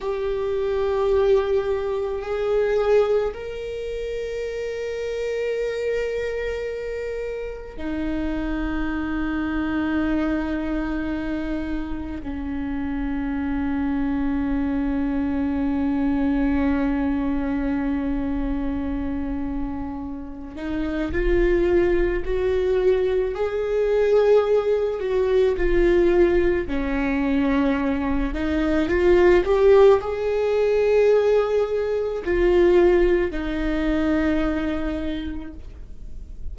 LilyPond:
\new Staff \with { instrumentName = "viola" } { \time 4/4 \tempo 4 = 54 g'2 gis'4 ais'4~ | ais'2. dis'4~ | dis'2. cis'4~ | cis'1~ |
cis'2~ cis'8 dis'8 f'4 | fis'4 gis'4. fis'8 f'4 | cis'4. dis'8 f'8 g'8 gis'4~ | gis'4 f'4 dis'2 | }